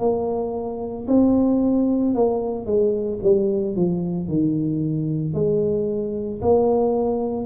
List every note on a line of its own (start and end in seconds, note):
0.00 1.07 A#3
1.08 2.15 C4
2.15 2.66 A#3
2.66 3.20 G#3
3.23 3.76 G3
3.76 4.29 F3
4.29 5.34 D#3
5.34 6.41 G#3
6.41 7.47 A#3